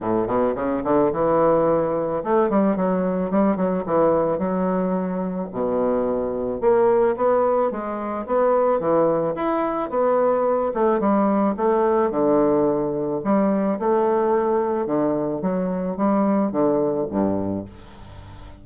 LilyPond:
\new Staff \with { instrumentName = "bassoon" } { \time 4/4 \tempo 4 = 109 a,8 b,8 cis8 d8 e2 | a8 g8 fis4 g8 fis8 e4 | fis2 b,2 | ais4 b4 gis4 b4 |
e4 e'4 b4. a8 | g4 a4 d2 | g4 a2 d4 | fis4 g4 d4 g,4 | }